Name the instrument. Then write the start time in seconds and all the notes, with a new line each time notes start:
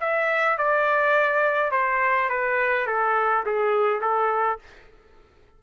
trumpet
0.00 E5
0.58 D5
1.72 C5
2.29 B4
2.87 A4
3.46 G#4
4.01 A4